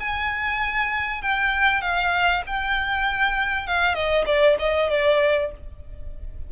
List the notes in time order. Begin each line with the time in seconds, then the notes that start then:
0.00 G#5
1.22 G5
1.82 F5
2.47 G5
3.68 F5
3.95 D#5
4.26 D5
4.59 D#5
4.90 D5